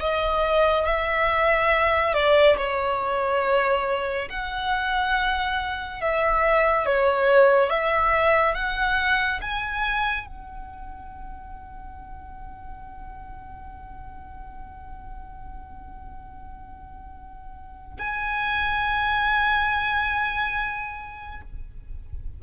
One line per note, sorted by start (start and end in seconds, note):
0.00 0.86 D#5
0.86 2.14 E5
2.14 2.56 D5
2.57 4.28 C#5
4.29 6.01 F#5
6.01 6.85 E5
6.85 7.70 C#5
7.70 8.54 E5
8.54 9.40 F#5
9.41 10.26 G#5
10.26 17.97 F#5
17.98 21.41 G#5